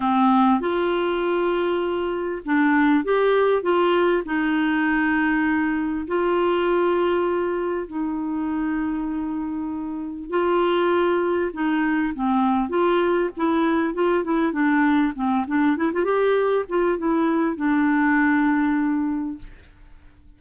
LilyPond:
\new Staff \with { instrumentName = "clarinet" } { \time 4/4 \tempo 4 = 99 c'4 f'2. | d'4 g'4 f'4 dis'4~ | dis'2 f'2~ | f'4 dis'2.~ |
dis'4 f'2 dis'4 | c'4 f'4 e'4 f'8 e'8 | d'4 c'8 d'8 e'16 f'16 g'4 f'8 | e'4 d'2. | }